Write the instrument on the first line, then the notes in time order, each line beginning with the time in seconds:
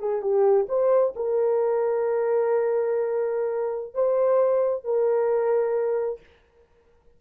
horn
0.00 G#4
0.22 G4
0.69 C5
1.16 A#4
3.95 C5
4.85 A#4